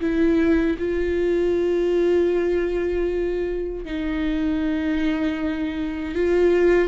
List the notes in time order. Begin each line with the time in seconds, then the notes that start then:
0.00 E4
0.79 F4
3.85 D#4
6.15 F4